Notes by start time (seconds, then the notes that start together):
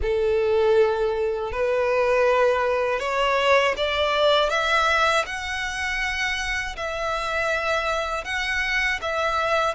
0.02 A4
1.51 B4
2.99 C#5
3.77 D5
4.49 E5
5.25 F#5
6.76 E5
8.24 F#5
9.01 E5